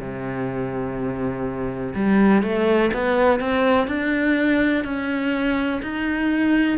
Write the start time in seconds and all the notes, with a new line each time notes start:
0.00 C3
1.95 G3
2.42 A3
2.93 B3
3.40 C4
3.88 D4
4.84 C#4
5.82 D#4